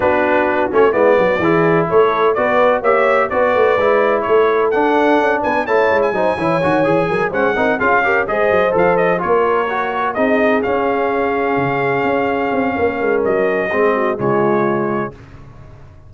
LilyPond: <<
  \new Staff \with { instrumentName = "trumpet" } { \time 4/4 \tempo 4 = 127 b'4. cis''8 d''2 | cis''4 d''4 e''4 d''4~ | d''4 cis''4 fis''4. gis''8 | a''8. gis''2~ gis''8. fis''8~ |
fis''8 f''4 dis''4 f''8 dis''8 cis''8~ | cis''4. dis''4 f''4.~ | f''1 | dis''2 cis''2 | }
  \new Staff \with { instrumentName = "horn" } { \time 4/4 fis'2 e'8 fis'8 gis'4 | a'4 b'4 cis''4 b'4~ | b'4 a'2~ a'8 b'8 | cis''4 c''8 cis''4. ais'8 c''8 |
ais'8 gis'8 ais'8 c''2 ais'8~ | ais'4. gis'2~ gis'8~ | gis'2. ais'4~ | ais'4 gis'8 fis'8 f'2 | }
  \new Staff \with { instrumentName = "trombone" } { \time 4/4 d'4. cis'8 b4 e'4~ | e'4 fis'4 g'4 fis'4 | e'2 d'2 | e'4 dis'8 e'8 fis'8 gis'4 cis'8 |
dis'8 f'8 g'8 gis'4 a'4 f'8~ | f'8 fis'4 dis'4 cis'4.~ | cis'1~ | cis'4 c'4 gis2 | }
  \new Staff \with { instrumentName = "tuba" } { \time 4/4 b4. a8 gis8 fis8 e4 | a4 b4 ais4 b8 a8 | gis4 a4 d'4 cis'8 b8 | a8 gis8 fis8 e8 dis8 e8 fis8 gis8 |
c'8 cis'4 gis8 fis8 f4 ais8~ | ais4. c'4 cis'4.~ | cis'8 cis4 cis'4 c'8 ais8 gis8 | fis4 gis4 cis2 | }
>>